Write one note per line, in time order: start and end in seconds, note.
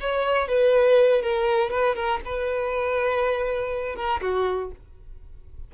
0.00 0.48 C#5
0.48 1.22 B4
1.22 1.70 A#4
1.70 1.95 B4
1.95 2.20 A#4
2.25 3.95 B4
3.95 4.20 A#4
4.21 4.70 F#4